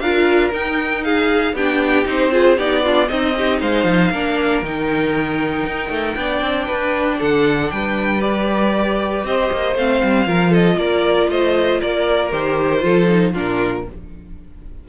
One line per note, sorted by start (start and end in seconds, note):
0.00 0.52 D4
0.00 0.52 F4
0.00 1.05 A#4
0.00 0.51 F5
0.52 1.54 D#4
0.52 1.04 G5
1.04 1.56 G#4
1.04 1.55 F5
1.54 2.05 B3
1.54 2.06 D4
1.54 2.32 G4
1.54 2.08 G5
2.06 2.58 C4
2.06 2.31 D#4
2.06 2.59 C5
2.31 2.57 F4
2.31 2.58 G#4
2.58 3.10 B3
2.58 2.85 D#4
2.58 2.84 G4
2.58 3.09 D5
2.84 3.08 D4
2.84 3.09 F4
3.08 3.34 C4
3.08 3.62 C4
3.08 3.36 D#4
3.08 3.60 D#5
3.38 4.13 D#4
3.38 3.61 G4
3.61 3.85 G#3
3.61 4.11 C5
3.61 4.64 F5
3.85 4.11 F3
4.11 4.63 A#3
4.11 4.65 D4
4.11 6.17 A#4
4.63 5.65 D#3
4.63 6.16 D#4
4.63 7.22 G5
5.67 5.90 D#4
5.90 6.16 A3
6.16 6.42 B3
6.16 8.21 D4
6.16 6.66 D5
6.42 6.68 C4
6.66 7.21 D4
6.66 7.17 B4
7.19 7.72 D3
7.19 7.71 A4
7.19 7.71 F#5
7.71 9.24 G3
7.71 9.27 B4
7.71 8.22 G5
8.22 9.75 G4
8.22 9.24 D5
9.24 9.50 C4
9.24 10.28 C5
9.24 9.78 D#5
9.52 9.76 A#3
9.76 10.02 A3
9.76 10.26 C4
9.76 10.54 F5
10.04 10.27 G3
10.26 10.77 F3
10.26 12.32 F4
10.26 10.51 A#4
10.51 10.76 A4
10.51 10.79 D#5
10.77 11.28 A#3
10.77 11.31 A#4
10.77 11.30 D5
11.29 11.81 A3
11.29 11.81 C5
11.29 11.82 D#5
11.81 12.33 A#3
11.81 12.84 A#4
11.81 12.32 D5
12.32 12.84 D#3
12.32 12.81 G4
12.32 13.35 C5
12.81 13.35 F3
12.81 13.07 F4
12.81 13.33 A4
13.09 13.34 D#4
13.33 13.88 A#2
13.33 13.86 D4
13.33 13.85 F4
13.33 13.89 A#4